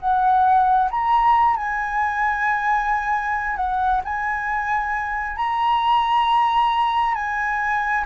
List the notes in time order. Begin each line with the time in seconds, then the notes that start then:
0.00 F#5
0.91 A#5
1.56 G#5
3.57 F#5
4.05 G#5
5.36 A#5
7.15 G#5